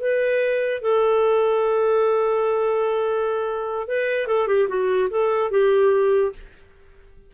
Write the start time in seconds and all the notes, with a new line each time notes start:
0.00 B4
0.82 A4
3.88 B4
4.27 A4
4.47 G4
4.68 F#4
5.10 A4
5.51 G4